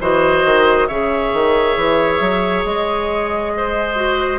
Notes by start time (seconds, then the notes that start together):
0.00 E3 F#4 C5 D#5
0.45 D#3
0.87 C#3 G#4 C#5 E5
1.33 D#3
1.76 E3
2.20 F#3
2.64 G#3 D#5
3.57 C5
3.95 F#4